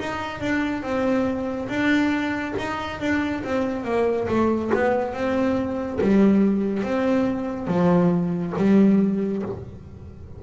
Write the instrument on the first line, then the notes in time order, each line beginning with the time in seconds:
double bass
0.00 D#4
0.41 D4
0.83 C4
1.69 D4
2.58 D#4
3.00 D4
3.44 C4
3.85 A#3
4.28 A3
4.74 B3
5.14 C4
6.01 G3
6.83 C4
7.68 F3
8.57 G3